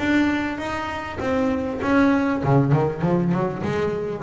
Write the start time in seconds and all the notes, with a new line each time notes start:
0.00 D4
0.58 D#4
1.20 C4
1.83 C#4
2.44 C#3
2.72 D#3
3.02 F3
3.33 F#3
3.64 G#3